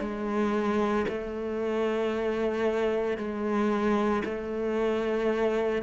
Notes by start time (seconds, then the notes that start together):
0.00 G#3
1.08 A3
3.17 G#3
4.25 A3